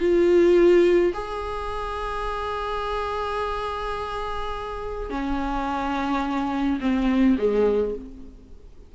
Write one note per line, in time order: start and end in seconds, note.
0.00 1.13 F4
1.14 5.10 G#4
5.10 6.80 C#4
6.81 7.38 C4
7.39 7.95 G#3